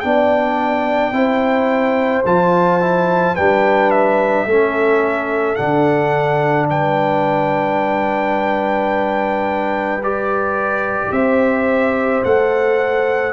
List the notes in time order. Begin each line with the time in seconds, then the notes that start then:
0.00 B3 D4 G5
0.06 D5
1.12 C4 E4 C5
2.25 F3 F4 A5
2.81 E4
3.34 G3 D4 B4 G5
3.91 E5
4.46 A3 C#4 A4
5.55 D3 D4 F#5
6.70 G3 B4 G5
10.03 G4 D5
11.12 C4 C5 E5
12.24 A3 A4 F#5